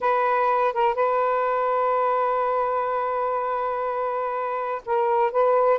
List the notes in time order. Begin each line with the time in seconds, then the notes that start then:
0.00 B4
0.73 A#4
0.94 B4
4.85 A#4
5.31 B4